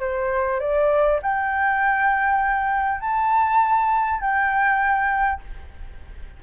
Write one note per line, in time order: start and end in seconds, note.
0.00 0.60 C5
0.60 1.20 D5
1.22 3.01 G5
3.01 4.21 A5
4.21 5.41 G5